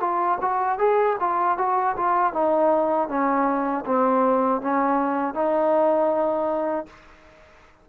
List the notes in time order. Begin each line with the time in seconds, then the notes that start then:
0.00 F4
0.40 F#4
0.78 G#4
1.19 F4
1.57 F#4
1.96 F4
2.33 D#4
3.08 C#4
3.86 C4
4.61 C#4
5.34 D#4